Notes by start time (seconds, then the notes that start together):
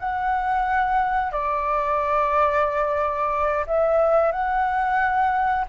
0.00 F#5
1.32 D5
3.67 E5
4.32 F#5